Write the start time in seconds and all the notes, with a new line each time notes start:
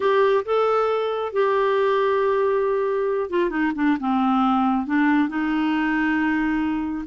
0.00 G4
0.45 A4
1.32 G4
3.29 F4
3.50 D#4
3.75 D4
3.99 C4
4.86 D4
5.28 D#4